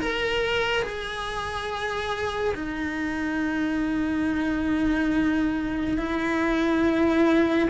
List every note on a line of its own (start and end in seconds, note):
0.00 0.83 A#4
0.83 2.54 G#4
2.55 5.98 D#4
5.98 7.69 E4